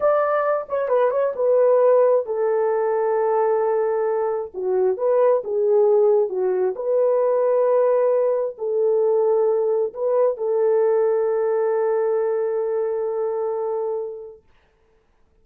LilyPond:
\new Staff \with { instrumentName = "horn" } { \time 4/4 \tempo 4 = 133 d''4. cis''8 b'8 cis''8 b'4~ | b'4 a'2.~ | a'2 fis'4 b'4 | gis'2 fis'4 b'4~ |
b'2. a'4~ | a'2 b'4 a'4~ | a'1~ | a'1 | }